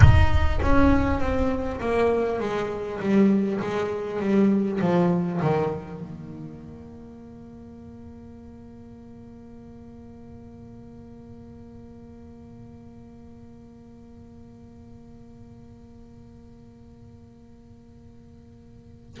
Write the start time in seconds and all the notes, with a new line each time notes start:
0.00 D#4
0.62 C#4
1.20 C4
1.80 A#3
2.39 G#3
3.00 G3
3.60 G#3
4.19 G3
4.80 F3
5.41 D#3
6.00 A#3